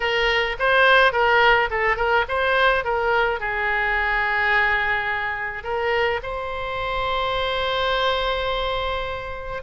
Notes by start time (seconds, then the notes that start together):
0.00 A#4
0.59 C5
1.12 A#4
1.70 A4
1.96 A#4
2.28 C5
2.84 A#4
3.40 G#4
5.63 A#4
6.22 C5